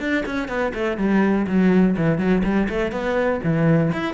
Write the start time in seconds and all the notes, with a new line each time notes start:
0.00 D4
0.26 C#4
0.49 B3
0.75 A3
0.98 G3
1.47 F#3
1.97 E3
2.18 F#3
2.44 G3
2.69 A3
2.92 B3
3.44 E3
3.93 E4